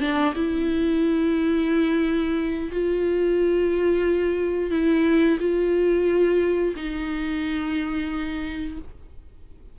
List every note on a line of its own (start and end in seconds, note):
0.00 0.34 D4
0.35 2.71 E4
2.72 4.71 F4
4.71 5.38 E4
5.39 6.74 F4
6.76 8.78 D#4